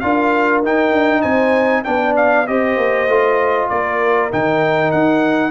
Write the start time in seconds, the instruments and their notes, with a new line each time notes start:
0.00 tuba D4, trombone F4, horn A#4, trumpet F5
0.63 tuba D#4, trombone D#4, trumpet G5
0.93 tuba D4
1.22 tuba C4, horn C5, trumpet G#5
1.84 tuba B3, trombone D4, horn D5, trumpet G5
2.17 trumpet F5
2.47 tuba C4, trombone G4, horn C5, trumpet D#5
2.77 tuba A#3
3.07 tuba A3, trombone F4
3.69 tuba A#3, horn A#4, trumpet D5
4.31 tuba D#3, trombone D#4, trumpet G5
4.92 tuba D#4, trumpet F#5